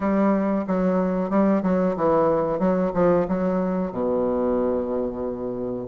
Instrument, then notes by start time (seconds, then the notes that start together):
bassoon
0.00 G3
0.67 F#3
1.30 G3
1.62 F#3
1.96 E3
2.59 F#3
2.93 F3
3.28 F#3
3.91 B2